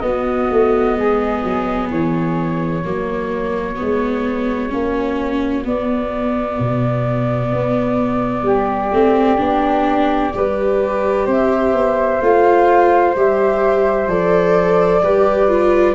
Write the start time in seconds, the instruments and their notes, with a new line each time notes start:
0.00 tuba B3, viola B3, flute F#4 D#5
0.51 tuba A3
0.96 tuba G#3, flute G#4
1.44 tuba F#3
1.91 tuba E3, flute C#5
2.84 tuba F#3, viola A#3, flute F#4
3.76 tuba G#3, viola B3
4.69 tuba A#3, viola C#4
5.64 viola B3, tuba B3, flute D5
6.60 tuba B2
7.53 tuba B3
8.43 tuba G3, flute G4
8.92 tuba A3, viola C4
9.38 tuba B3, viola D4
10.34 tuba G3, viola G4, flute B4
11.26 tuba C4, flute C5 E5
11.73 tuba B3
12.21 tuba A3, viola F4, flute F5
13.15 tuba G3, viola G4, flute E5
14.07 tuba F3, viola A4, flute D5
15.02 tuba G3, viola G4, flute B4
15.48 viola F4